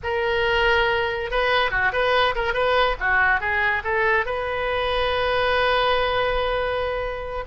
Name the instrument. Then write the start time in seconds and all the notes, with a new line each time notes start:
oboe
0.03 A#4
1.30 B4
1.70 F#4
1.92 B4
2.35 A#4
2.53 B4
3.00 F#4
3.40 G#4
3.83 A4
4.25 B4